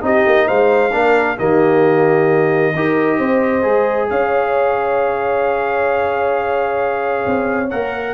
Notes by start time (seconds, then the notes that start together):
0.00 C4 D#4 G4 D#5
0.26 A#3
0.47 G#3 C5 F5
0.92 A#3 D4 A#4
1.38 D#3 A#3 G4 D#5
2.75 D#4 G4 A#4
3.18 C4 C5
3.62 G#3 G#4
4.10 C#4 C#5 F5
7.26 C4
7.70 A#3 A#4 F#5